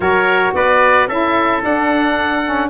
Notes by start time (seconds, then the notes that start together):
0.00 F#3 F#4 A#4 C#5
0.54 B3 B4 D5
1.07 C#4 E4 A4 E5
1.61 D4 F#5
2.44 C#4